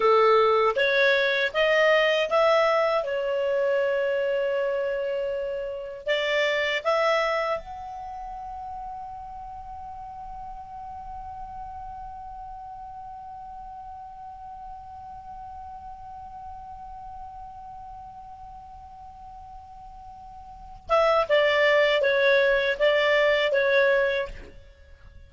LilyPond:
\new Staff \with { instrumentName = "clarinet" } { \time 4/4 \tempo 4 = 79 a'4 cis''4 dis''4 e''4 | cis''1 | d''4 e''4 fis''2~ | fis''1~ |
fis''1~ | fis''1~ | fis''2.~ fis''8 e''8 | d''4 cis''4 d''4 cis''4 | }